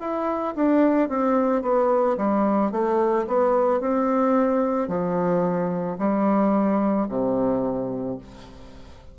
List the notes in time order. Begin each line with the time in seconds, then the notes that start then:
0.00 E4
0.56 D4
1.09 C4
1.63 B3
2.18 G3
2.72 A3
3.27 B3
3.81 C4
4.88 F3
5.99 G3
7.09 C3